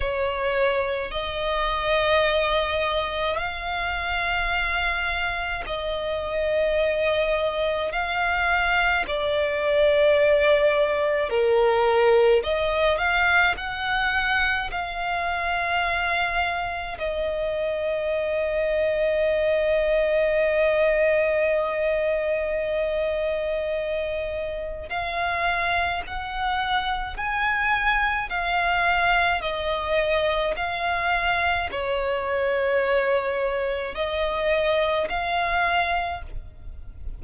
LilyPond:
\new Staff \with { instrumentName = "violin" } { \time 4/4 \tempo 4 = 53 cis''4 dis''2 f''4~ | f''4 dis''2 f''4 | d''2 ais'4 dis''8 f''8 | fis''4 f''2 dis''4~ |
dis''1~ | dis''2 f''4 fis''4 | gis''4 f''4 dis''4 f''4 | cis''2 dis''4 f''4 | }